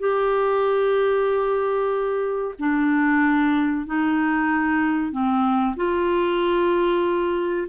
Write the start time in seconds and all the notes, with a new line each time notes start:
0.00 G4
2.60 D4
3.87 D#4
5.12 C4
5.76 F4